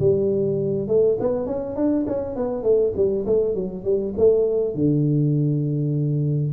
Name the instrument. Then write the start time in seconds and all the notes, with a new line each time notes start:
tuba
0.00 G3
0.88 A3
1.20 B3
1.47 C#4
1.76 D4
2.08 C#4
2.36 B3
2.64 A3
2.97 G3
3.27 A3
3.55 F#3
3.85 G3
4.18 A3
4.75 D3